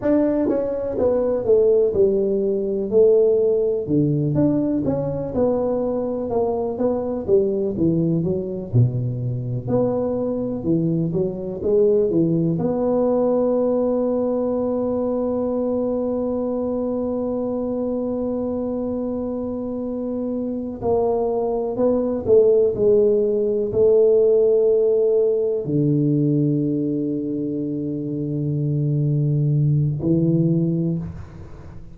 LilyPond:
\new Staff \with { instrumentName = "tuba" } { \time 4/4 \tempo 4 = 62 d'8 cis'8 b8 a8 g4 a4 | d8 d'8 cis'8 b4 ais8 b8 g8 | e8 fis8 b,4 b4 e8 fis8 | gis8 e8 b2.~ |
b1~ | b4. ais4 b8 a8 gis8~ | gis8 a2 d4.~ | d2. e4 | }